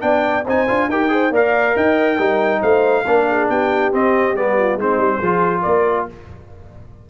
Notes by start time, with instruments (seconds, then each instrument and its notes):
0.00 tuba B3, trombone D4, horn D5, trumpet G5
0.46 tuba C4, trombone D#4, horn C5, trumpet G#5
0.68 tuba D4, trombone F4
0.88 tuba D#4, trombone G4, horn A#4, trumpet G5
1.09 trombone G#4, horn C5
1.30 tuba A#3, trombone A#4, horn D5, trumpet F5
1.76 tuba D#4, horn D#5, trumpet G5
2.17 tuba G3, trombone D#4, horn A#4
2.61 tuba A3, horn C5, trumpet F5
3.06 tuba A#3, trombone D4, horn A#4
3.30 horn G#4
3.49 tuba B3, horn G4, trumpet G5
3.92 trombone C4, tuba C4, trumpet D#5
4.34 tuba G3, trombone B3, trumpet D5
4.58 horn F4
4.76 tuba G#3, trombone C4, horn D#4, trumpet C5
4.98 tuba G3
5.18 tuba F3, trombone F4, horn G#4
5.62 tuba A#3, horn A#4, trumpet D5